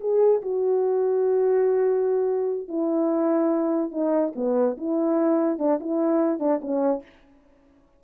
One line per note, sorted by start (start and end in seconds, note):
0.00 0.41 G#4
0.42 2.68 F#4
2.68 3.91 E4
3.91 4.33 D#4
4.35 4.77 B3
4.77 5.59 E4
5.59 5.79 D4
5.80 6.39 E4
6.39 6.60 D4
6.61 7.03 C#4